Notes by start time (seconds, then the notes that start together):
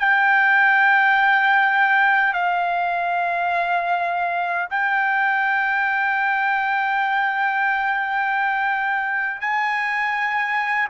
0.00 G5
2.34 F5
4.71 G5
9.41 G#5